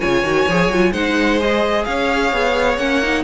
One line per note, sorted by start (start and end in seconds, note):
0.00 0.23 C#3
0.00 0.24 F4
0.00 0.92 C#5
0.00 0.93 G#5
0.23 0.46 D#3
0.23 0.48 F#4
0.48 0.68 F3
0.48 0.73 G#4
0.68 0.91 F#3
0.68 0.94 F4
0.92 1.86 G#3
0.92 1.40 D#4
0.92 1.85 C5
0.92 1.39 F#5
1.40 2.79 G#4
1.40 1.84 D#5
1.84 2.33 C#4
1.84 3.24 C#5
1.84 2.77 F5
2.33 2.78 B3
2.77 3.24 A#3
2.77 3.02 C#4
2.77 3.24 F#5
3.03 3.24 D#4